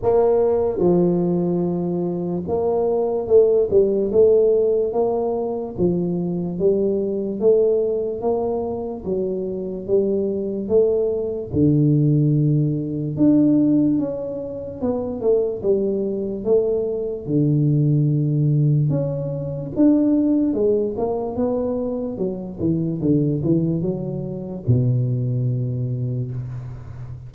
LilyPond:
\new Staff \with { instrumentName = "tuba" } { \time 4/4 \tempo 4 = 73 ais4 f2 ais4 | a8 g8 a4 ais4 f4 | g4 a4 ais4 fis4 | g4 a4 d2 |
d'4 cis'4 b8 a8 g4 | a4 d2 cis'4 | d'4 gis8 ais8 b4 fis8 e8 | d8 e8 fis4 b,2 | }